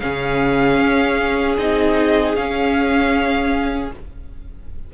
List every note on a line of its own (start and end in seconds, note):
0.00 0.80 C#3
0.00 1.57 C#4
0.00 3.93 G#4
0.00 1.56 F5
0.80 1.57 C#4
1.58 2.35 C4
1.58 2.36 D#4
1.58 2.35 D#5
2.35 3.91 C#4
2.35 3.94 C#4
2.35 3.91 F5